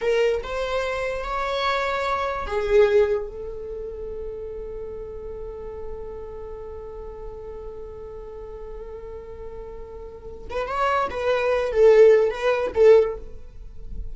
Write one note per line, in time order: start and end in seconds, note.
0.01 0.42 A#4
0.43 1.24 C5
1.24 2.46 C#5
2.46 3.27 G#4
3.27 10.46 A4
10.50 10.67 B4
10.67 11.08 C#5
11.10 11.72 B4
11.72 12.30 A4
12.30 12.71 B4
12.74 13.15 A4